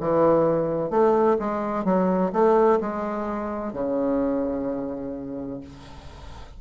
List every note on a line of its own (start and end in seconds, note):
0.00 0.90 E3
0.90 1.37 A3
1.39 1.85 G#3
1.85 2.32 F#3
2.33 2.80 A3
2.81 3.73 G#3
3.73 5.61 C#3